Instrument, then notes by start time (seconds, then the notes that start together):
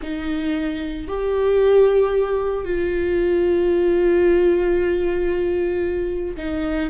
viola
0.02 D#4
1.07 G4
2.64 F4
6.36 D#4